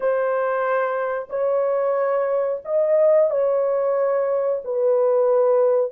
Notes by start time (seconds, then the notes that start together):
0.00 C5
1.29 C#5
2.65 D#5
3.30 C#5
4.64 B4